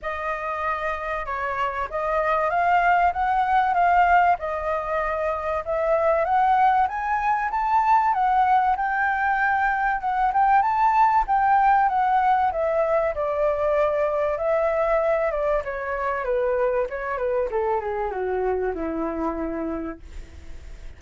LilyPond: \new Staff \with { instrumentName = "flute" } { \time 4/4 \tempo 4 = 96 dis''2 cis''4 dis''4 | f''4 fis''4 f''4 dis''4~ | dis''4 e''4 fis''4 gis''4 | a''4 fis''4 g''2 |
fis''8 g''8 a''4 g''4 fis''4 | e''4 d''2 e''4~ | e''8 d''8 cis''4 b'4 cis''8 b'8 | a'8 gis'8 fis'4 e'2 | }